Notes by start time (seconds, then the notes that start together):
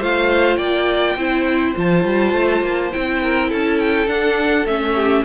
0.00 A3 F4 C5 F5
0.57 A#3 D5 G5
1.16 C4 E4 C5
1.76 F3 F4 A5
2.05 G3
2.33 A3
2.62 A#3
2.93 C4 E4 G5
3.23 A#4
3.50 C#4 A4 A5
3.80 G5
4.07 D4 F#5
4.67 A3 C#4 E5
4.95 G4